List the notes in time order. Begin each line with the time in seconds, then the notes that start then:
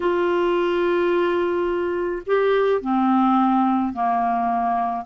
0.00 F4
2.26 G4
2.81 C4
3.93 A#3